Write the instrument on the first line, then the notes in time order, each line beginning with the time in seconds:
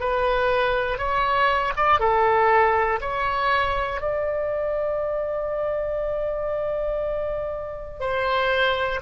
oboe
0.00 B4
0.98 C#5
1.76 D5
2.00 A4
3.01 C#5
4.01 D5
8.00 C5